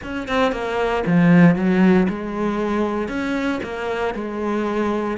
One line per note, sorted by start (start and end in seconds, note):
0.03 0.28 C#4
0.28 0.51 C4
0.51 1.03 A#3
1.06 1.55 F3
1.55 2.07 F#3
2.09 3.08 G#3
3.08 3.59 C#4
3.63 4.14 A#3
4.14 5.17 G#3